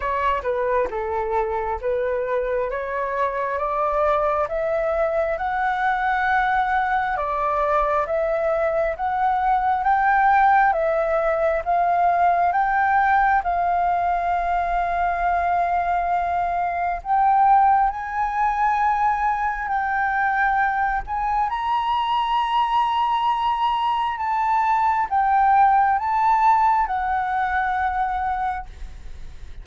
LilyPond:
\new Staff \with { instrumentName = "flute" } { \time 4/4 \tempo 4 = 67 cis''8 b'8 a'4 b'4 cis''4 | d''4 e''4 fis''2 | d''4 e''4 fis''4 g''4 | e''4 f''4 g''4 f''4~ |
f''2. g''4 | gis''2 g''4. gis''8 | ais''2. a''4 | g''4 a''4 fis''2 | }